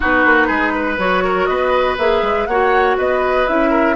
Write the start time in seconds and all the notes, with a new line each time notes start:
0.00 B3 D#4 F#4 B4
0.25 A#3
0.47 G#3 G#4
0.74 B4
0.98 F#3 F#4 C#5
1.24 A#4
1.46 B3 B4 D#5
1.98 A#3 G#4 E5
2.22 G#3
2.46 A#3 F#4 C#5 F#5
2.97 B3 B4 D#5
3.47 C#4 E4 E5
3.70 A#4